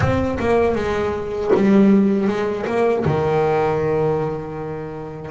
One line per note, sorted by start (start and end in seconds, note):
0.00 0.38 C4
0.39 0.75 A#3
0.75 1.51 G#3
1.55 2.27 G3
2.27 2.65 G#3
2.66 3.04 A#3
3.05 5.30 D#3